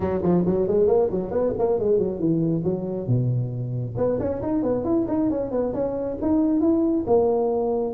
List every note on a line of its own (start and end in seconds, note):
0.00 0.21 F#3
0.22 0.44 F3
0.45 0.67 F#3
0.67 0.87 G#3
0.87 1.09 A#3
1.10 1.31 F#3
1.31 1.53 B3
1.58 1.79 A#3
1.79 1.98 G#3
1.98 2.19 F#3
2.19 2.63 E3
2.64 3.07 F#3
3.07 3.95 B2
3.97 4.19 B3
4.19 4.41 C#4
4.42 4.62 D#4
4.62 4.84 B3
4.84 5.06 E4
5.08 5.30 D#4
5.30 5.51 C#4
5.51 5.73 B3
5.73 6.17 C#4
6.21 6.60 D#4
6.60 7.04 E4
7.06 7.94 A#3